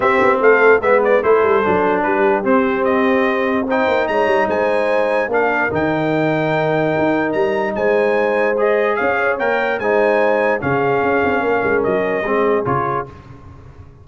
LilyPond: <<
  \new Staff \with { instrumentName = "trumpet" } { \time 4/4 \tempo 4 = 147 e''4 f''4 e''8 d''8 c''4~ | c''4 b'4 c''4 dis''4~ | dis''4 g''4 ais''4 gis''4~ | gis''4 f''4 g''2~ |
g''2 ais''4 gis''4~ | gis''4 dis''4 f''4 g''4 | gis''2 f''2~ | f''4 dis''2 cis''4 | }
  \new Staff \with { instrumentName = "horn" } { \time 4/4 g'4 a'4 b'4 a'4~ | a'4 g'2.~ | g'4 c''4 cis''4 c''4~ | c''4 ais'2.~ |
ais'2. c''4~ | c''2 cis''2 | c''2 gis'2 | ais'2 gis'2 | }
  \new Staff \with { instrumentName = "trombone" } { \time 4/4 c'2 b4 e'4 | d'2 c'2~ | c'4 dis'2.~ | dis'4 d'4 dis'2~ |
dis'1~ | dis'4 gis'2 ais'4 | dis'2 cis'2~ | cis'2 c'4 f'4 | }
  \new Staff \with { instrumentName = "tuba" } { \time 4/4 c'8 b8 a4 gis4 a8 g8 | fis4 g4 c'2~ | c'4. ais8 gis8 g8 gis4~ | gis4 ais4 dis2~ |
dis4 dis'4 g4 gis4~ | gis2 cis'4 ais4 | gis2 cis4 cis'8 c'8 | ais8 gis8 fis4 gis4 cis4 | }
>>